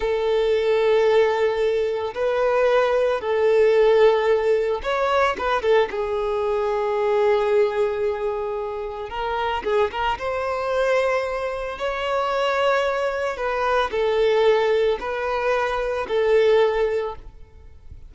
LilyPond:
\new Staff \with { instrumentName = "violin" } { \time 4/4 \tempo 4 = 112 a'1 | b'2 a'2~ | a'4 cis''4 b'8 a'8 gis'4~ | gis'1~ |
gis'4 ais'4 gis'8 ais'8 c''4~ | c''2 cis''2~ | cis''4 b'4 a'2 | b'2 a'2 | }